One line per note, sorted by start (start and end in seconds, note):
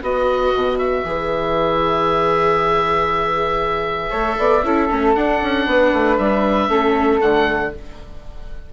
0.00 0.53 B3
0.00 1.04 F#4
0.00 4.10 B4
0.00 0.78 D#5
0.54 1.04 B2
0.78 5.14 E5
1.04 4.12 E3
1.04 4.10 G#4
4.10 4.37 A3
4.10 4.61 A4
4.10 4.36 C#5
4.38 4.62 B3
4.38 4.64 D5
4.62 4.88 C#4
4.62 4.89 E4
4.62 5.67 A4
4.89 5.15 A3
4.89 5.15 C#4
5.14 5.41 D4
5.14 6.69 D4
5.14 6.17 F#5
5.41 5.65 C#4
5.65 5.91 B3
5.65 6.69 B4
5.92 6.18 A3
6.18 6.68 G3
6.18 7.20 E5
6.68 7.19 A3
6.68 7.19 C#4
6.68 7.72 A4
7.19 7.73 D3
7.19 7.71 A3
7.19 7.72 F#5